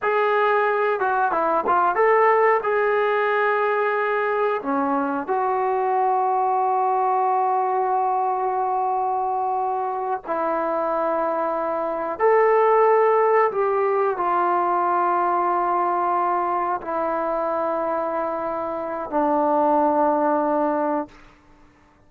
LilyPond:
\new Staff \with { instrumentName = "trombone" } { \time 4/4 \tempo 4 = 91 gis'4. fis'8 e'8 f'8 a'4 | gis'2. cis'4 | fis'1~ | fis'2.~ fis'8 e'8~ |
e'2~ e'8 a'4.~ | a'8 g'4 f'2~ f'8~ | f'4. e'2~ e'8~ | e'4 d'2. | }